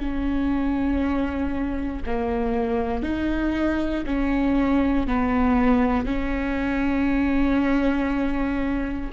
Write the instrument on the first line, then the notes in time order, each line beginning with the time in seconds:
viola
0.00 C#4
2.06 A#3
3.03 D#4
4.06 C#4
5.08 B3
6.06 C#4